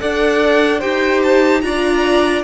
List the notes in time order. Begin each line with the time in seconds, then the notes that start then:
0.00 D4 A4 D5 F#5
0.79 D#4 G4 C5 G5
1.23 A5
1.61 D4 F4 D5 A#5